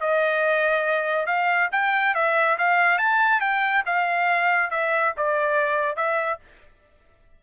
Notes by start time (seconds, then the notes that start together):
0.00 D#5
1.26 F5
1.72 G5
2.14 E5
2.58 F5
2.98 A5
3.40 G5
3.86 F5
4.70 E5
5.17 D5
5.96 E5